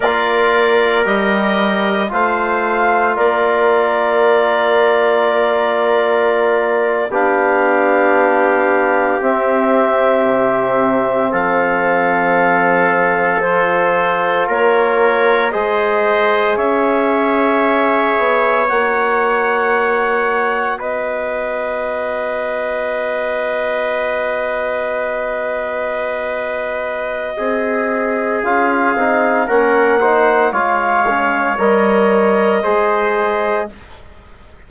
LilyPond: <<
  \new Staff \with { instrumentName = "clarinet" } { \time 4/4 \tempo 4 = 57 d''4 dis''4 f''4 d''4~ | d''2~ d''8. f''4~ f''16~ | f''8. e''2 f''4~ f''16~ | f''8. c''4 cis''4 dis''4 e''16~ |
e''4.~ e''16 fis''2 dis''16~ | dis''1~ | dis''2. f''4 | fis''4 f''4 dis''2 | }
  \new Staff \with { instrumentName = "trumpet" } { \time 4/4 ais'2 c''4 ais'4~ | ais'2~ ais'8. g'4~ g'16~ | g'2~ g'8. a'4~ a'16~ | a'4.~ a'16 ais'4 c''4 cis''16~ |
cis''2.~ cis''8. b'16~ | b'1~ | b'2 gis'2 | ais'8 c''8 cis''2 c''4 | }
  \new Staff \with { instrumentName = "trombone" } { \time 4/4 f'4 g'4 f'2~ | f'2~ f'8. d'4~ d'16~ | d'8. c'2.~ c'16~ | c'8. f'2 gis'4~ gis'16~ |
gis'4.~ gis'16 fis'2~ fis'16~ | fis'1~ | fis'2. f'8 dis'8 | cis'8 dis'8 f'8 cis'8 ais'4 gis'4 | }
  \new Staff \with { instrumentName = "bassoon" } { \time 4/4 ais4 g4 a4 ais4~ | ais2~ ais8. b4~ b16~ | b8. c'4 c4 f4~ f16~ | f4.~ f16 ais4 gis4 cis'16~ |
cis'4~ cis'16 b8 ais2 b16~ | b1~ | b2 c'4 cis'8 c'8 | ais4 gis4 g4 gis4 | }
>>